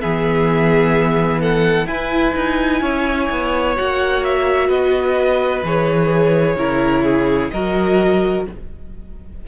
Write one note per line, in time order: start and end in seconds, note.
0.00 1.86 E3
0.00 1.88 B3
0.00 1.40 G#4
0.00 1.41 E5
1.40 1.87 A4
1.40 1.87 F#5
1.86 2.32 E4
1.86 3.76 E4
1.86 2.81 B4
1.86 3.74 G#5
2.35 2.81 D#4
2.81 3.28 C#4
2.81 4.67 C#5
3.30 3.77 B3
3.76 4.69 A#3
3.76 5.63 F#4
3.76 4.24 F#5
4.24 4.69 E5
4.67 5.63 B3
4.67 6.55 B4
4.67 5.63 D#5
5.63 6.56 E3
5.63 6.58 G#4
5.63 7.50 C#5
6.56 7.49 C#3
6.56 7.51 E4
6.56 7.04 A#4
7.04 7.50 G#4
7.50 8.46 F#3
7.50 8.47 F#4
7.50 8.46 A#4
7.50 8.44 D#5